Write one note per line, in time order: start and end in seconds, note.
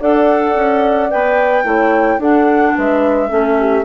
0.00 0.55 D4
0.00 1.10 A4
0.00 1.65 D5
0.00 1.10 F#5
0.55 1.10 C#4
1.10 1.64 B3
1.10 1.64 B4
1.10 2.20 G5
1.64 2.18 A3
1.64 2.19 E4
1.64 2.19 C#5
2.18 2.73 D4
2.18 3.29 D4
2.18 2.74 A4
2.18 2.77 F#5
2.75 3.31 G#3
2.75 3.29 B4
2.75 3.84 E5
3.29 3.84 A3
3.29 3.84 C#4
3.29 3.57 A4
3.59 3.84 G4